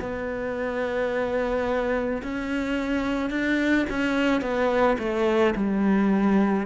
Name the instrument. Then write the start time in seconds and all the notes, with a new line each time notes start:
cello
0.00 B3
2.22 C#4
3.30 D4
3.90 C#4
4.41 B3
4.98 A3
5.55 G3